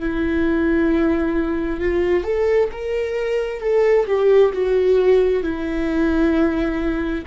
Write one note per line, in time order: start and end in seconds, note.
0.00 1.81 E4
1.81 2.24 F4
2.24 2.70 A4
2.72 3.61 A#4
3.61 4.07 A4
4.07 4.52 G4
4.53 5.44 F#4
5.44 7.26 E4